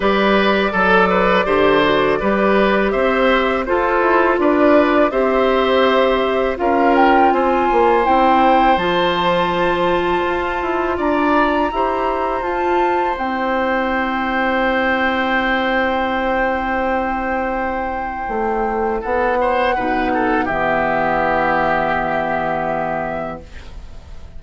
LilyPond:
<<
  \new Staff \with { instrumentName = "flute" } { \time 4/4 \tempo 4 = 82 d''1 | e''4 c''4 d''4 e''4~ | e''4 f''8 g''8 gis''4 g''4 | a''2. ais''4~ |
ais''4 a''4 g''2~ | g''1~ | g''2 fis''2 | e''1 | }
  \new Staff \with { instrumentName = "oboe" } { \time 4/4 b'4 a'8 b'8 c''4 b'4 | c''4 a'4 b'4 c''4~ | c''4 ais'4 c''2~ | c''2. d''4 |
c''1~ | c''1~ | c''2 a'8 c''8 b'8 a'8 | g'1 | }
  \new Staff \with { instrumentName = "clarinet" } { \time 4/4 g'4 a'4 g'8 fis'8 g'4~ | g'4 f'2 g'4~ | g'4 f'2 e'4 | f'1 |
g'4 f'4 e'2~ | e'1~ | e'2. dis'4 | b1 | }
  \new Staff \with { instrumentName = "bassoon" } { \time 4/4 g4 fis4 d4 g4 | c'4 f'8 e'8 d'4 c'4~ | c'4 cis'4 c'8 ais8 c'4 | f2 f'8 e'8 d'4 |
e'4 f'4 c'2~ | c'1~ | c'4 a4 b4 b,4 | e1 | }
>>